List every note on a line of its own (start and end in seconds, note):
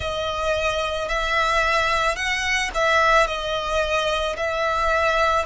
0.00 1.08 D#5
1.08 2.15 E5
2.15 2.70 F#5
2.74 3.26 E5
3.26 4.35 D#5
4.36 5.45 E5